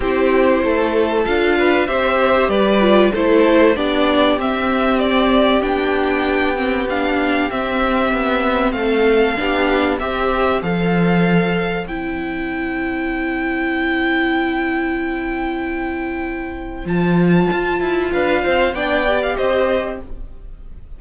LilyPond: <<
  \new Staff \with { instrumentName = "violin" } { \time 4/4 \tempo 4 = 96 c''2 f''4 e''4 | d''4 c''4 d''4 e''4 | d''4 g''2 f''4 | e''2 f''2 |
e''4 f''2 g''4~ | g''1~ | g''2. a''4~ | a''4 f''4 g''8. f''16 dis''4 | }
  \new Staff \with { instrumentName = "violin" } { \time 4/4 g'4 a'4. b'8 c''4 | b'4 a'4 g'2~ | g'1~ | g'2 a'4 g'4 |
c''1~ | c''1~ | c''1~ | c''4 b'8 c''8 d''4 c''4 | }
  \new Staff \with { instrumentName = "viola" } { \time 4/4 e'2 f'4 g'4~ | g'8 f'8 e'4 d'4 c'4~ | c'4 d'4. c'8 d'4 | c'2. d'4 |
g'4 a'2 e'4~ | e'1~ | e'2. f'4~ | f'2 d'8 g'4. | }
  \new Staff \with { instrumentName = "cello" } { \time 4/4 c'4 a4 d'4 c'4 | g4 a4 b4 c'4~ | c'4 b2. | c'4 b4 a4 b4 |
c'4 f2 c'4~ | c'1~ | c'2. f4 | f'8 e'8 d'8 c'8 b4 c'4 | }
>>